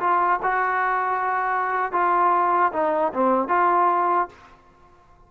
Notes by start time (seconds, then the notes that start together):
0.00 F4
0.43 F#4
1.93 F4
2.73 D#4
3.13 C4
3.49 F4